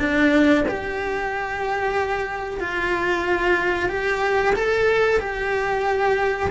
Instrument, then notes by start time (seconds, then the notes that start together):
cello
0.00 D4
0.68 G4
2.61 F4
3.90 G4
4.56 A4
5.20 G4